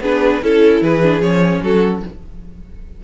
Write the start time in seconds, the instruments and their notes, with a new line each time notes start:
0.00 cello B3, viola D4, violin G#4 B4
0.42 cello C#4, viola E4, violin A4
0.81 cello E3, violin G#4 B4
1.03 viola D4
1.20 cello F3, viola C#4, violin C#5
1.61 cello F#3, violin F#4 A4